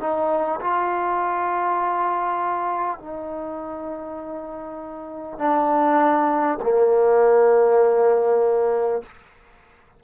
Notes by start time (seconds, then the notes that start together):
0.00 D#4
0.61 F4
2.99 D#4
5.38 D4
6.63 A#3